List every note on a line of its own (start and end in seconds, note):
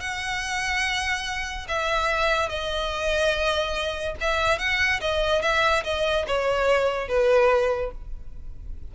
0.00 1.67 F#5
1.68 2.48 E5
2.48 4.15 D#5
4.20 4.58 E5
4.58 5.00 F#5
5.00 5.41 D#5
5.41 5.83 E5
5.84 6.25 D#5
6.27 7.08 C#5
7.08 7.91 B4